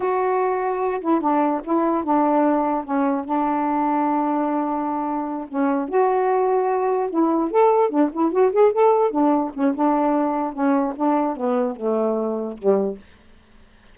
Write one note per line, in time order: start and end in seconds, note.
0.00 1.00 F#4
1.00 1.21 E4
1.21 1.61 D4
1.64 2.03 E4
2.03 2.84 D4
2.84 3.24 C#4
3.24 5.47 D4
5.48 5.88 C#4
5.88 7.10 F#4
7.10 7.50 E4
7.51 7.89 A4
7.89 8.10 D4
8.12 8.31 E4
8.31 8.52 F#4
8.52 8.72 G#4
8.72 9.10 A4
9.10 9.51 D4
9.54 9.74 C#4
9.74 10.53 D4
10.53 10.93 C#4
10.96 11.36 D4
11.36 11.76 B3
11.76 12.57 A3
12.57 12.97 G3